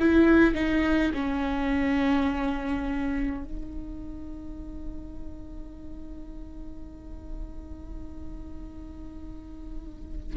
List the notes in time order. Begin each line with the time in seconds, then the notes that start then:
0.00 E4
0.55 D#4
1.14 C#4
3.45 D#4